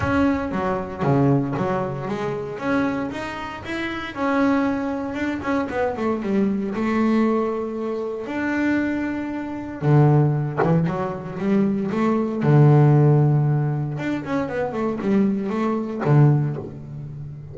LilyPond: \new Staff \with { instrumentName = "double bass" } { \time 4/4 \tempo 4 = 116 cis'4 fis4 cis4 fis4 | gis4 cis'4 dis'4 e'4 | cis'2 d'8 cis'8 b8 a8 | g4 a2. |
d'2. d4~ | d8 e8 fis4 g4 a4 | d2. d'8 cis'8 | b8 a8 g4 a4 d4 | }